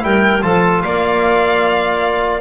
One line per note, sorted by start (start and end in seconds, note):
0.00 0.43 G3
0.00 0.40 E4
0.00 0.44 A#4
0.00 0.43 G5
0.42 0.84 F3
0.42 2.41 F4
0.42 0.84 A4
0.42 0.82 A5
0.82 2.41 A#3
0.82 2.41 D5
0.82 2.41 F5